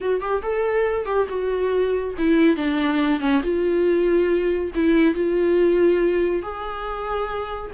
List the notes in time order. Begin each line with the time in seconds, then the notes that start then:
0.01 F#4
0.20 G4
0.42 A4
1.05 G4
1.28 F#4
2.17 E4
2.56 D4
3.20 C#4
3.42 F4
4.74 E4
5.14 F4
6.42 G#4